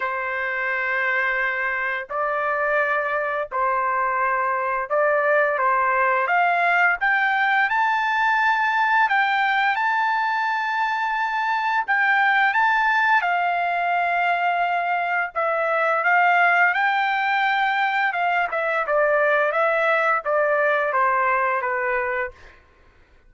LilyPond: \new Staff \with { instrumentName = "trumpet" } { \time 4/4 \tempo 4 = 86 c''2. d''4~ | d''4 c''2 d''4 | c''4 f''4 g''4 a''4~ | a''4 g''4 a''2~ |
a''4 g''4 a''4 f''4~ | f''2 e''4 f''4 | g''2 f''8 e''8 d''4 | e''4 d''4 c''4 b'4 | }